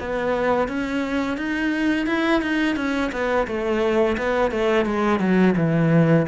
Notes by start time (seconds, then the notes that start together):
0.00 B3
0.68 C#4
1.37 D#4
2.07 E4
2.42 D#4
2.76 C#4
3.12 B3
3.47 A3
4.18 B3
4.51 A3
4.86 G#3
5.19 F#3
5.57 E3